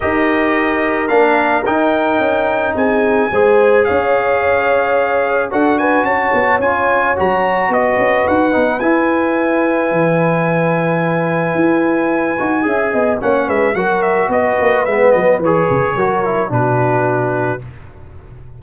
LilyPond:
<<
  \new Staff \with { instrumentName = "trumpet" } { \time 4/4 \tempo 4 = 109 dis''2 f''4 g''4~ | g''4 gis''2 f''4~ | f''2 fis''8 gis''8 a''4 | gis''4 ais''4 dis''4 fis''4 |
gis''1~ | gis''1 | fis''8 e''8 fis''8 e''8 dis''4 e''8 dis''8 | cis''2 b'2 | }
  \new Staff \with { instrumentName = "horn" } { \time 4/4 ais'1~ | ais'4 gis'4 c''4 cis''4~ | cis''2 a'8 b'8 cis''4~ | cis''2 b'2~ |
b'1~ | b'2. e''8 dis''8 | cis''8 b'8 ais'4 b'2~ | b'4 ais'4 fis'2 | }
  \new Staff \with { instrumentName = "trombone" } { \time 4/4 g'2 d'4 dis'4~ | dis'2 gis'2~ | gis'2 fis'2 | f'4 fis'2~ fis'8 dis'8 |
e'1~ | e'2~ e'8 fis'8 gis'4 | cis'4 fis'2 b4 | gis'4 fis'8 e'8 d'2 | }
  \new Staff \with { instrumentName = "tuba" } { \time 4/4 dis'2 ais4 dis'4 | cis'4 c'4 gis4 cis'4~ | cis'2 d'4 cis'8 b8 | cis'4 fis4 b8 cis'8 dis'8 b8 |
e'2 e2~ | e4 e'4. dis'8 cis'8 b8 | ais8 gis8 fis4 b8 ais8 gis8 fis8 | e8 cis8 fis4 b,2 | }
>>